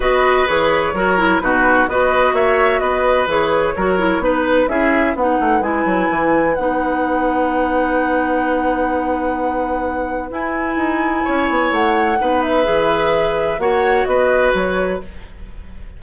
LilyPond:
<<
  \new Staff \with { instrumentName = "flute" } { \time 4/4 \tempo 4 = 128 dis''4 cis''2 b'4 | dis''4 e''4 dis''4 cis''4~ | cis''4 b'4 e''4 fis''4 | gis''2 fis''2~ |
fis''1~ | fis''2 gis''2~ | gis''4 fis''4. e''4.~ | e''4 fis''4 dis''4 cis''4 | }
  \new Staff \with { instrumentName = "oboe" } { \time 4/4 b'2 ais'4 fis'4 | b'4 cis''4 b'2 | ais'4 b'4 gis'4 b'4~ | b'1~ |
b'1~ | b'1 | cis''2 b'2~ | b'4 cis''4 b'2 | }
  \new Staff \with { instrumentName = "clarinet" } { \time 4/4 fis'4 gis'4 fis'8 e'8 dis'4 | fis'2. gis'4 | fis'8 e'8 dis'4 e'4 dis'4 | e'2 dis'2~ |
dis'1~ | dis'2 e'2~ | e'2 dis'4 gis'4~ | gis'4 fis'2. | }
  \new Staff \with { instrumentName = "bassoon" } { \time 4/4 b4 e4 fis4 b,4 | b4 ais4 b4 e4 | fis4 b4 cis'4 b8 a8 | gis8 fis8 e4 b2~ |
b1~ | b2 e'4 dis'4 | cis'8 b8 a4 b4 e4~ | e4 ais4 b4 fis4 | }
>>